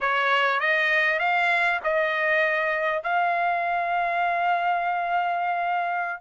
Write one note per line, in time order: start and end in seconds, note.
0.01 0.60 C#5
0.60 1.19 D#5
1.19 1.80 F5
1.83 3.03 D#5
3.03 6.21 F5